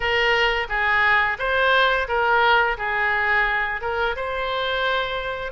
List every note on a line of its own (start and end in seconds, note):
0.00 0.67 A#4
0.68 1.37 G#4
1.38 2.07 C5
2.08 2.77 A#4
2.77 3.81 G#4
3.81 4.15 A#4
4.15 5.51 C5